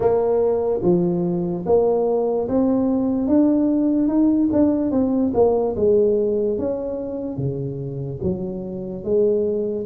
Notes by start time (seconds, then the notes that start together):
0.00 A#3
0.82 F3
1.66 A#3
2.48 C4
3.27 D4
4.08 D#4
4.52 D4
4.91 C4
5.34 A#3
5.76 G#3
6.58 C#4
7.37 C#3
8.22 F#3
9.03 G#3